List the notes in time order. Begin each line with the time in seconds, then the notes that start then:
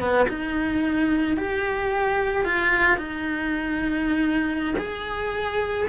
0.00 B3
0.29 D#4
1.37 G4
2.45 F4
2.98 D#4
4.79 G#4